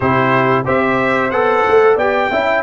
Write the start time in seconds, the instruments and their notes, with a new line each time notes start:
0.00 tuba C3, trombone E4, horn G4, trumpet C5
0.64 tuba C4, trombone G4, horn C5, trumpet E5
1.30 tuba B3, trombone A4, trumpet F#5
1.67 tuba A3
1.95 tuba B3, trombone G4, horn D5, trumpet G5
2.30 tuba C#4, trombone E4, horn E5